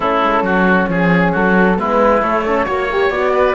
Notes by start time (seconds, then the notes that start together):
0.00 A3 C#4 E4 A4
0.23 G#3
0.42 F#3 F#4
0.88 F3 G#4
1.31 F#3 F#4 A4
1.76 G#3 B3 E4 B4
2.20 A3 C#5
2.44 C#4 A4
2.65 A#3 F#4 C#5
2.91 G4
3.10 B3 F#4 D5
3.33 B4